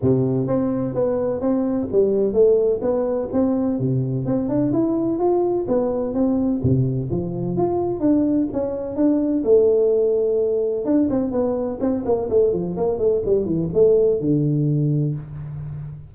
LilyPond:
\new Staff \with { instrumentName = "tuba" } { \time 4/4 \tempo 4 = 127 c4 c'4 b4 c'4 | g4 a4 b4 c'4 | c4 c'8 d'8 e'4 f'4 | b4 c'4 c4 f4 |
f'4 d'4 cis'4 d'4 | a2. d'8 c'8 | b4 c'8 ais8 a8 f8 ais8 a8 | g8 e8 a4 d2 | }